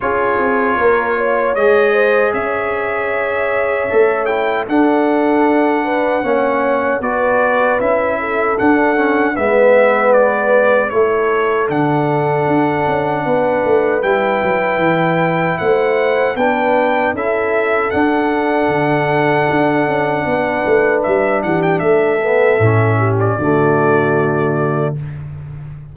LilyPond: <<
  \new Staff \with { instrumentName = "trumpet" } { \time 4/4 \tempo 4 = 77 cis''2 dis''4 e''4~ | e''4. g''8 fis''2~ | fis''4 d''4 e''4 fis''4 | e''4 d''4 cis''4 fis''4~ |
fis''2 g''2 | fis''4 g''4 e''4 fis''4~ | fis''2. e''8 fis''16 g''16 | e''4.~ e''16 d''2~ d''16 | }
  \new Staff \with { instrumentName = "horn" } { \time 4/4 gis'4 ais'8 cis''4 c''8 cis''4~ | cis''2 a'4. b'8 | cis''4 b'4. a'4. | b'2 a'2~ |
a'4 b'2. | c''4 b'4 a'2~ | a'2 b'4. g'8 | a'4. g'8 fis'2 | }
  \new Staff \with { instrumentName = "trombone" } { \time 4/4 f'2 gis'2~ | gis'4 a'8 e'8 d'2 | cis'4 fis'4 e'4 d'8 cis'8 | b2 e'4 d'4~ |
d'2 e'2~ | e'4 d'4 e'4 d'4~ | d'1~ | d'8 b8 cis'4 a2 | }
  \new Staff \with { instrumentName = "tuba" } { \time 4/4 cis'8 c'8 ais4 gis4 cis'4~ | cis'4 a4 d'2 | ais4 b4 cis'4 d'4 | gis2 a4 d4 |
d'8 cis'8 b8 a8 g8 fis8 e4 | a4 b4 cis'4 d'4 | d4 d'8 cis'8 b8 a8 g8 e8 | a4 a,4 d2 | }
>>